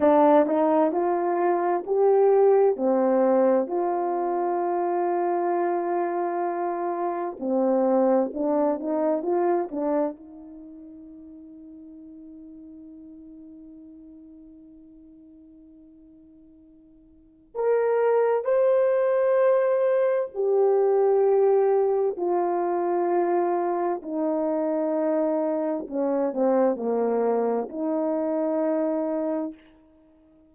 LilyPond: \new Staff \with { instrumentName = "horn" } { \time 4/4 \tempo 4 = 65 d'8 dis'8 f'4 g'4 c'4 | f'1 | c'4 d'8 dis'8 f'8 d'8 dis'4~ | dis'1~ |
dis'2. ais'4 | c''2 g'2 | f'2 dis'2 | cis'8 c'8 ais4 dis'2 | }